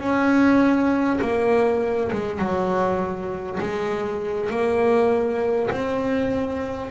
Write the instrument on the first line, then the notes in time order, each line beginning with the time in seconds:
double bass
0.00 C#4
1.21 A#3
2.12 G#3
2.38 F#3
3.60 G#3
4.49 A#3
5.70 C4